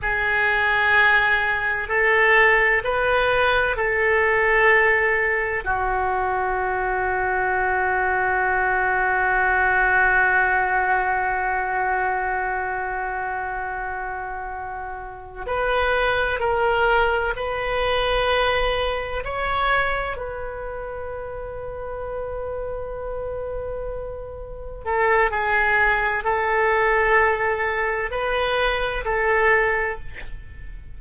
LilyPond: \new Staff \with { instrumentName = "oboe" } { \time 4/4 \tempo 4 = 64 gis'2 a'4 b'4 | a'2 fis'2~ | fis'1~ | fis'1~ |
fis'8 b'4 ais'4 b'4.~ | b'8 cis''4 b'2~ b'8~ | b'2~ b'8 a'8 gis'4 | a'2 b'4 a'4 | }